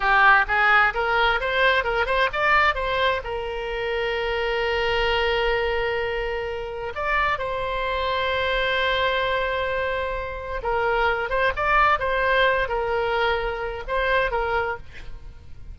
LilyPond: \new Staff \with { instrumentName = "oboe" } { \time 4/4 \tempo 4 = 130 g'4 gis'4 ais'4 c''4 | ais'8 c''8 d''4 c''4 ais'4~ | ais'1~ | ais'2. d''4 |
c''1~ | c''2. ais'4~ | ais'8 c''8 d''4 c''4. ais'8~ | ais'2 c''4 ais'4 | }